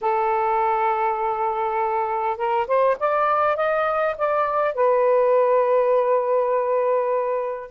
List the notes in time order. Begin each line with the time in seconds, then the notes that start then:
0.01 A4
2.37 A#4
2.67 C5
2.99 D5
3.56 D#5
4.17 D5
4.74 B4